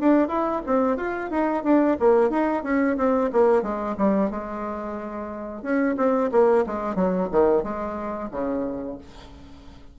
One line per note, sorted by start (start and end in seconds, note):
0.00 0.28 D4
0.28 0.62 E4
0.66 0.97 C4
0.97 1.31 F4
1.31 1.64 D#4
1.64 1.98 D4
2.00 2.30 A#3
2.30 2.64 D#4
2.64 2.97 C#4
2.98 3.31 C4
3.33 3.63 A#3
3.63 3.96 G#3
3.98 4.31 G3
4.31 5.63 G#3
5.63 5.96 C#4
5.98 6.31 C4
6.32 6.65 A#3
6.67 6.96 G#3
6.96 7.29 F#3
7.32 7.63 D#3
7.63 8.30 G#3
8.32 8.98 C#3